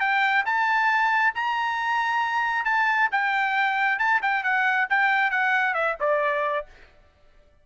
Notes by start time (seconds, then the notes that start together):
0.00 G5
0.45 A5
1.35 A#5
2.65 A5
3.12 G5
3.98 A5
4.22 G5
4.43 F#5
4.90 G5
5.30 F#5
5.74 E5
6.00 D5